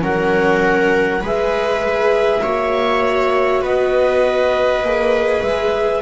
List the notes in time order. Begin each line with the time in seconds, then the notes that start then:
0.00 F#3 C#4 A#4 F#5
1.22 G#3 G#4 B4 E5
2.43 A#3 F#4 C#5
3.62 B3 B4 D#5
4.82 A#3 G#4
5.42 G#3 E5